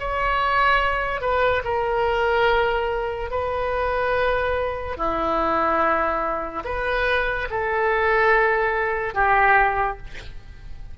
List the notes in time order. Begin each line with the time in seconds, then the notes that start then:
0.00 C#5
1.21 B4
1.64 A#4
3.31 B4
4.97 E4
6.65 B4
7.50 A4
9.15 G4